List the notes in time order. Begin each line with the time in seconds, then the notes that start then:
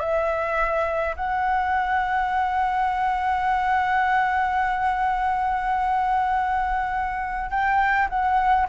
0.00 E5
1.16 F#5
7.51 G5
8.10 F#5